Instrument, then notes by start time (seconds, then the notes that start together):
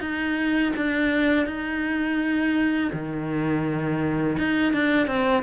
cello
0.00 D#4
0.76 D4
1.46 D#4
2.92 D#3
4.38 D#4
4.73 D4
5.06 C4